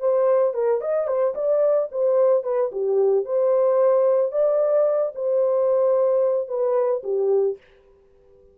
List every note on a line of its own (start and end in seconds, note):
0.00 0.54 C5
0.54 0.81 A#4
0.81 1.07 D#5
1.07 1.34 C5
1.35 1.89 D5
1.91 2.43 C5
2.43 2.71 B4
2.72 3.25 G4
3.25 4.32 C5
4.32 5.13 D5
5.15 6.48 C5
6.48 7.02 B4
7.03 7.57 G4